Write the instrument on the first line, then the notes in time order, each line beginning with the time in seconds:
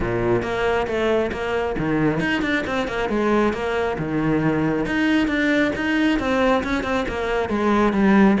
cello
0.00 A#2
0.42 A#3
0.87 A3
1.32 A#3
1.78 D#3
2.20 D#4
2.41 D4
2.67 C4
2.87 A#3
3.09 G#3
3.53 A#3
3.98 D#3
4.85 D#4
5.27 D4
5.75 D#4
6.19 C4
6.63 C#4
6.83 C4
7.08 A#3
7.49 G#3
7.93 G3